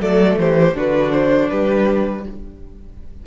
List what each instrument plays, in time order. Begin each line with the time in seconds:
0.00 cello F#3, viola A3, violin A4 D5
0.36 cello E3, violin G4 C5
0.74 cello D3, viola D4, violin F#4 B4
1.12 violin C5
1.49 cello G3, violin G4 B4